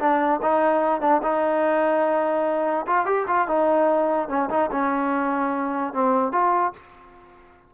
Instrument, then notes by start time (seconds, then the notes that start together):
trombone
0.00 D4
0.43 D#4
1.01 D4
1.23 D#4
2.87 F4
3.06 G4
3.28 F4
3.48 D#4
4.29 C#4
4.50 D#4
4.72 C#4
5.94 C4
6.33 F4